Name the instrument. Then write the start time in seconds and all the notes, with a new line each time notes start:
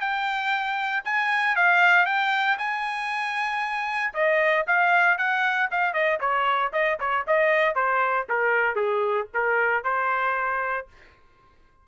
trumpet
0.00 G5
1.04 G#5
1.56 F5
2.06 G5
2.58 G#5
4.14 D#5
4.67 F5
5.18 F#5
5.71 F5
5.93 D#5
6.20 C#5
6.73 D#5
7.00 C#5
7.27 D#5
7.75 C5
8.29 A#4
8.75 G#4
9.34 A#4
9.84 C5